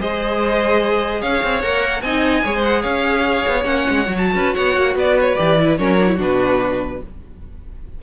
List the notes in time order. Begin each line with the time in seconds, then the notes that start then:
0.00 G#3 G#4 C5 D#5
1.21 C#4 C#5 F5
1.43 C4
1.62 A#3 A#4 F#5
2.02 C4 D#4 D#5 G#5
2.44 G#3 G#4 C#5
2.55 C5
2.63 F#5
2.82 C#4 C#5 F5
3.47 B3
3.64 A#3 C#4 F#5
3.90 G#3
4.06 F#3 F#4
4.18 A5
4.35 C#4 B4
4.55 B3 C#5 F#5
4.77 A#3
4.95 B3 B4 D5
5.20 C#5
5.35 E3 G4 D5
5.61 E4
5.78 F#3 C#4 A#4 C#5
5.99 D4
6.08 E4
6.15 B2 D4 F#4
6.22 B4